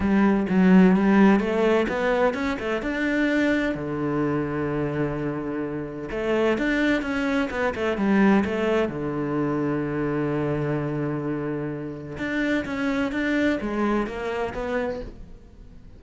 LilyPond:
\new Staff \with { instrumentName = "cello" } { \time 4/4 \tempo 4 = 128 g4 fis4 g4 a4 | b4 cis'8 a8 d'2 | d1~ | d4 a4 d'4 cis'4 |
b8 a8 g4 a4 d4~ | d1~ | d2 d'4 cis'4 | d'4 gis4 ais4 b4 | }